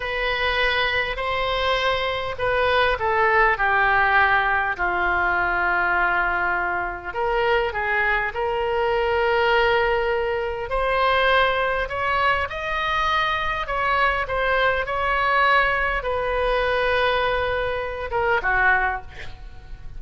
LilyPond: \new Staff \with { instrumentName = "oboe" } { \time 4/4 \tempo 4 = 101 b'2 c''2 | b'4 a'4 g'2 | f'1 | ais'4 gis'4 ais'2~ |
ais'2 c''2 | cis''4 dis''2 cis''4 | c''4 cis''2 b'4~ | b'2~ b'8 ais'8 fis'4 | }